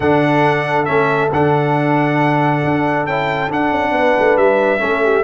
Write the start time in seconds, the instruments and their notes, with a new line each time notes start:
0.00 tuba D3, trombone D4, horn A4, trumpet F#5
0.85 tuba A3, trombone C#4, trumpet E5
1.32 tuba D3, trombone D4, trumpet F#5
2.64 tuba D4
3.05 tuba C#4, trombone E4, trumpet G5
3.49 trombone D4, tuba D4, trumpet F#5
3.71 tuba C#4
3.91 tuba B3, horn B4
4.18 tuba A3
4.36 tuba G3, trumpet E5
4.78 tuba A3, trombone C#4, horn A4
5.03 horn G4